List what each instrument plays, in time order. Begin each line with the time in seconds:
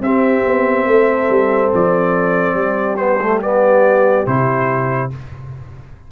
0.00 tuba C4, trombone C4, horn G4, trumpet E5
0.46 tuba B3
0.86 tuba A3, horn A4
1.29 tuba G3
1.74 tuba F3, trumpet D5
2.54 tuba G3, horn G4
2.96 trombone B3, trumpet C5
3.21 trombone A3
3.42 trombone B3, trumpet D5
4.26 tuba C3, trombone E4, trumpet C5